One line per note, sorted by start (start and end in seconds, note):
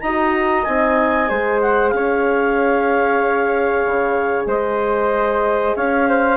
0.00 0.66 D#4
0.00 0.66 F#4
0.00 1.29 D#5
0.00 0.64 A#5
0.64 1.30 C4
0.64 1.27 D#4
0.64 1.59 G#5
1.27 1.93 G#3
1.27 6.37 G#4
1.27 1.93 C5
1.62 1.89 F#5
1.89 3.84 C#4
1.89 4.44 F5
1.95 4.47 C#5
3.85 4.46 C#3
4.46 5.73 G#3
4.46 5.75 C5
4.46 5.76 D#5
5.76 6.37 C#4
5.76 6.08 C#5
5.76 6.37 F5
6.08 6.37 C5